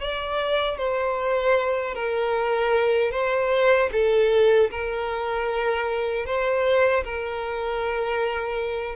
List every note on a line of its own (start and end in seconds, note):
0.00 0.77 D5
0.77 1.94 C5
1.94 3.11 A#4
3.11 3.89 C5
3.92 4.70 A4
4.70 6.26 A#4
6.26 7.03 C5
7.04 8.96 A#4